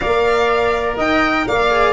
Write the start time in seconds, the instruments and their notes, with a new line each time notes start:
0.00 tuba A#3, cello A#4, flute D5, violin F5
0.96 tuba D#4, flute D#5, violin G5
1.47 tuba A#3, flute D5, violin F5
1.70 cello G#4